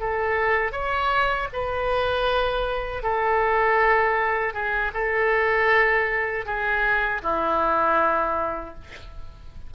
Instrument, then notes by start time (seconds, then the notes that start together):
oboe
0.00 A4
0.72 C#5
1.53 B4
3.03 A4
4.54 G#4
4.94 A4
6.46 G#4
7.23 E4